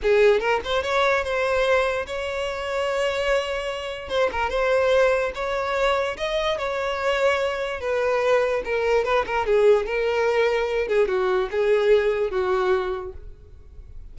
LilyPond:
\new Staff \with { instrumentName = "violin" } { \time 4/4 \tempo 4 = 146 gis'4 ais'8 c''8 cis''4 c''4~ | c''4 cis''2.~ | cis''2 c''8 ais'8 c''4~ | c''4 cis''2 dis''4 |
cis''2. b'4~ | b'4 ais'4 b'8 ais'8 gis'4 | ais'2~ ais'8 gis'8 fis'4 | gis'2 fis'2 | }